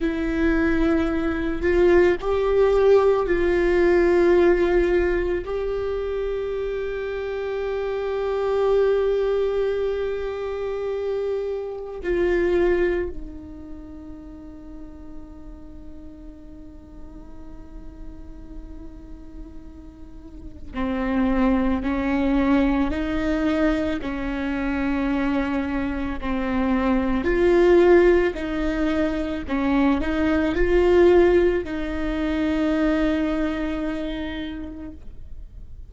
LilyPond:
\new Staff \with { instrumentName = "viola" } { \time 4/4 \tempo 4 = 55 e'4. f'8 g'4 f'4~ | f'4 g'2.~ | g'2. f'4 | dis'1~ |
dis'2. c'4 | cis'4 dis'4 cis'2 | c'4 f'4 dis'4 cis'8 dis'8 | f'4 dis'2. | }